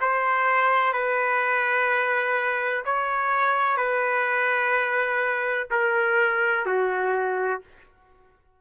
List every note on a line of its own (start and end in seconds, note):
0.00 0.93 C5
0.93 2.83 B4
2.84 3.77 C#5
3.77 5.67 B4
5.70 6.65 A#4
6.65 7.61 F#4